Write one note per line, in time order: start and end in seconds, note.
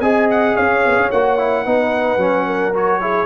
0.00 0.55 C4
0.00 1.11 G#4
0.00 0.55 D#5
0.00 0.27 G#5
0.30 0.55 F#5
0.55 0.85 C#4
0.55 1.65 C#5
0.55 1.10 F5
0.85 0.96 B3
0.96 1.10 C#4
1.11 1.65 A#3
1.11 1.38 F#4
1.11 2.75 F#5
1.38 1.65 E4
1.65 2.16 B3
1.65 2.18 D#4
1.65 2.46 B4
2.16 3.25 F#3
2.16 2.73 C#4
2.46 3.00 A#4
2.73 3.00 F#4
2.73 3.25 C#5
3.00 3.25 E4
3.00 3.25 G#4